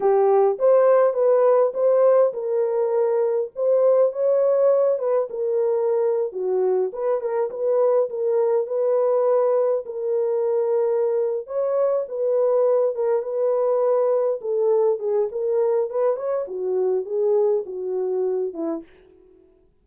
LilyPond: \new Staff \with { instrumentName = "horn" } { \time 4/4 \tempo 4 = 102 g'4 c''4 b'4 c''4 | ais'2 c''4 cis''4~ | cis''8 b'8 ais'4.~ ais'16 fis'4 b'16~ | b'16 ais'8 b'4 ais'4 b'4~ b'16~ |
b'8. ais'2~ ais'8. cis''8~ | cis''8 b'4. ais'8 b'4.~ | b'8 a'4 gis'8 ais'4 b'8 cis''8 | fis'4 gis'4 fis'4. e'8 | }